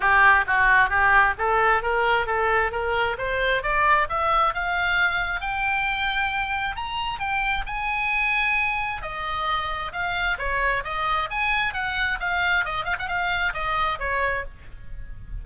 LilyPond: \new Staff \with { instrumentName = "oboe" } { \time 4/4 \tempo 4 = 133 g'4 fis'4 g'4 a'4 | ais'4 a'4 ais'4 c''4 | d''4 e''4 f''2 | g''2. ais''4 |
g''4 gis''2. | dis''2 f''4 cis''4 | dis''4 gis''4 fis''4 f''4 | dis''8 f''16 fis''16 f''4 dis''4 cis''4 | }